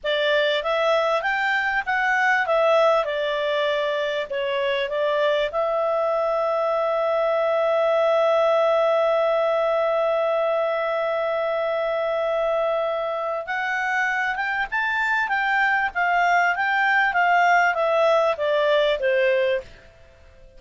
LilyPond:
\new Staff \with { instrumentName = "clarinet" } { \time 4/4 \tempo 4 = 98 d''4 e''4 g''4 fis''4 | e''4 d''2 cis''4 | d''4 e''2.~ | e''1~ |
e''1~ | e''2 fis''4. g''8 | a''4 g''4 f''4 g''4 | f''4 e''4 d''4 c''4 | }